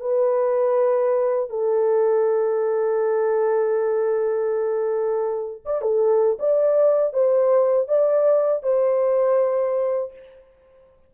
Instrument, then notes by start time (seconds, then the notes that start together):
horn
0.00 B4
1.50 A4
5.65 D5
5.82 A4
6.39 D5
7.14 C5
7.88 D5
8.63 C5